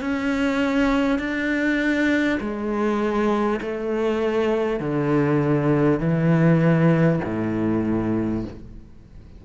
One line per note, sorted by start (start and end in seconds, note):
0.00 1.19 C#4
1.19 2.39 D4
2.40 3.60 G#3
3.61 4.79 A3
4.79 5.99 D3
5.99 7.19 E3
7.24 8.44 A2